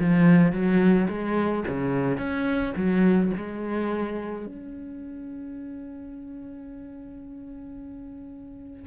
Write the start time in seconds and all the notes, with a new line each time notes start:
0.00 F3
0.53 F#3
1.09 G#3
1.68 C#3
2.18 C#4
2.76 F#3
3.37 G#3
4.46 C#4